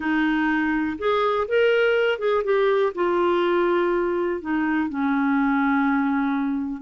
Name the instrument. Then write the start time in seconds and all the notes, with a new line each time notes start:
clarinet
0.00 D#4
0.98 G#4
1.48 A#4
2.18 G#4
2.43 G4
2.94 F4
4.41 D#4
4.89 C#4